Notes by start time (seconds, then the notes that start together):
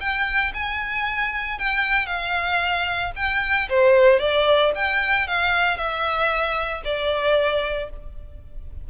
0.00 G5
0.54 G#5
1.59 G5
2.06 F5
3.16 G5
3.69 C5
4.19 D5
4.75 G5
5.27 F5
5.77 E5
6.84 D5